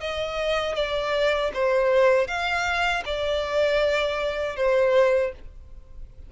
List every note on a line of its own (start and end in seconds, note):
0.00 0.75 D#5
0.75 1.51 D5
1.54 2.27 C5
2.27 3.03 F5
3.06 4.56 D5
4.56 5.32 C5